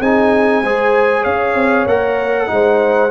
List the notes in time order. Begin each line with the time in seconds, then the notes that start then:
0.00 C4 D#4 G#4 G#5
0.62 G#3 G#4 C5
1.20 C#4 C#5 F5
1.54 C4
1.86 A#3 A#4 F#5
2.47 G#3 D#4 C5